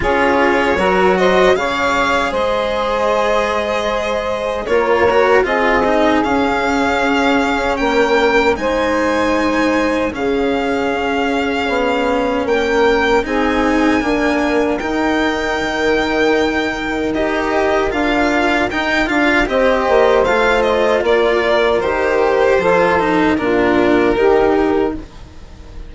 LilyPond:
<<
  \new Staff \with { instrumentName = "violin" } { \time 4/4 \tempo 4 = 77 cis''4. dis''8 f''4 dis''4~ | dis''2 cis''4 dis''4 | f''2 g''4 gis''4~ | gis''4 f''2. |
g''4 gis''2 g''4~ | g''2 dis''4 f''4 | g''8 f''8 dis''4 f''8 dis''8 d''4 | c''2 ais'2 | }
  \new Staff \with { instrumentName = "saxophone" } { \time 4/4 gis'4 ais'8 c''8 cis''4 c''4~ | c''2 ais'4 gis'4~ | gis'2 ais'4 c''4~ | c''4 gis'2. |
ais'4 gis'4 ais'2~ | ais'1~ | ais'4 c''2 ais'4~ | ais'4 a'4 f'4 g'4 | }
  \new Staff \with { instrumentName = "cello" } { \time 4/4 f'4 fis'4 gis'2~ | gis'2 f'8 fis'8 f'8 dis'8 | cis'2. dis'4~ | dis'4 cis'2.~ |
cis'4 dis'4 ais4 dis'4~ | dis'2 g'4 f'4 | dis'8 f'8 g'4 f'2 | g'4 f'8 dis'8 d'4 dis'4 | }
  \new Staff \with { instrumentName = "bassoon" } { \time 4/4 cis'4 fis4 cis4 gis4~ | gis2 ais4 c'4 | cis'2 ais4 gis4~ | gis4 cis4 cis'4 b4 |
ais4 c'4 d'4 dis'4 | dis2 dis'4 d'4 | dis'8 d'8 c'8 ais8 a4 ais4 | dis4 f4 ais,4 dis4 | }
>>